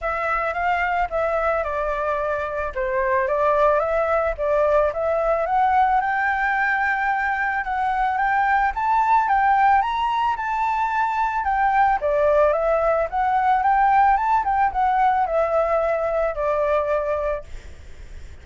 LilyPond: \new Staff \with { instrumentName = "flute" } { \time 4/4 \tempo 4 = 110 e''4 f''4 e''4 d''4~ | d''4 c''4 d''4 e''4 | d''4 e''4 fis''4 g''4~ | g''2 fis''4 g''4 |
a''4 g''4 ais''4 a''4~ | a''4 g''4 d''4 e''4 | fis''4 g''4 a''8 g''8 fis''4 | e''2 d''2 | }